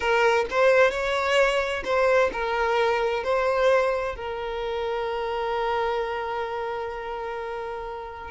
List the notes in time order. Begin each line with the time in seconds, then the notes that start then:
0.00 A#4
0.50 C5
0.91 C#5
1.84 C5
2.32 A#4
3.23 C5
4.15 A#4